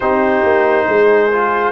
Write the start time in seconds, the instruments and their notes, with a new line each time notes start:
0.00 tuba C4, trombone D#4, horn G4, trumpet C5
0.43 tuba A#3
0.87 tuba G#3, horn G#4
1.32 trombone F4